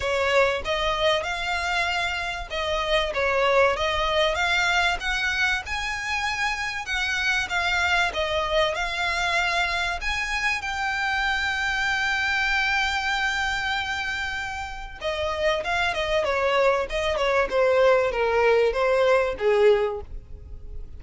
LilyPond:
\new Staff \with { instrumentName = "violin" } { \time 4/4 \tempo 4 = 96 cis''4 dis''4 f''2 | dis''4 cis''4 dis''4 f''4 | fis''4 gis''2 fis''4 | f''4 dis''4 f''2 |
gis''4 g''2.~ | g''1 | dis''4 f''8 dis''8 cis''4 dis''8 cis''8 | c''4 ais'4 c''4 gis'4 | }